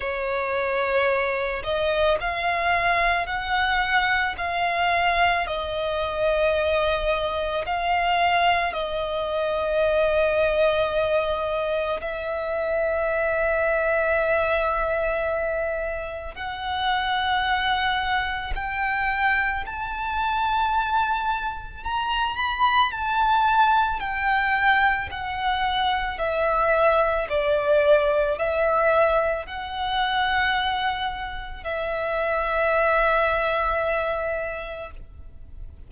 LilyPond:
\new Staff \with { instrumentName = "violin" } { \time 4/4 \tempo 4 = 55 cis''4. dis''8 f''4 fis''4 | f''4 dis''2 f''4 | dis''2. e''4~ | e''2. fis''4~ |
fis''4 g''4 a''2 | ais''8 b''8 a''4 g''4 fis''4 | e''4 d''4 e''4 fis''4~ | fis''4 e''2. | }